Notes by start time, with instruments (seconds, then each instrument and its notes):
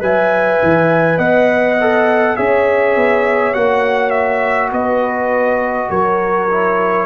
0.00 tuba F#3, trombone B4, horn E5, trumpet G#5
0.62 tuba E3
1.18 tuba B3, horn D#5, trumpet F#5
1.81 trombone A4
2.36 tuba C#4, trombone G#4, horn C#5, trumpet E5
2.96 tuba B3
3.54 tuba A#3, trombone F#4, trumpet F#5
4.10 trumpet E5
4.72 tuba B3, horn B4, trumpet D#5
5.89 tuba F#3, horn A#4, trumpet C#5
6.50 trombone E4